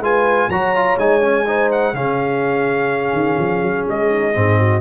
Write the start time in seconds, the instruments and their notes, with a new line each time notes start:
0.00 tuba G#3, trombone F4, horn B4, trumpet G#5
0.49 tuba F#3, trombone F#4, horn C#5, trumpet A#5
0.76 trombone F4
0.98 tuba G#3, trombone D#4, trumpet G#5
1.21 trombone C#4
1.46 trombone D#4, horn C5
1.72 trumpet F#5
1.94 tuba C#3, trombone C#4, horn G#4, trumpet F5
3.13 tuba D#3
3.39 tuba F3
3.63 tuba F#3
3.88 tuba G#3, trumpet D#5
4.10 horn D#4
4.34 tuba G#2, trombone C4, horn G#4
4.59 horn F#4